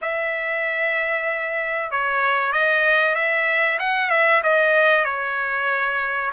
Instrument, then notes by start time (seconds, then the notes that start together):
trumpet
0.01 E5
1.91 C#5
2.52 D#5
3.15 E5
3.79 F#5
4.09 E5
4.43 D#5
5.04 C#5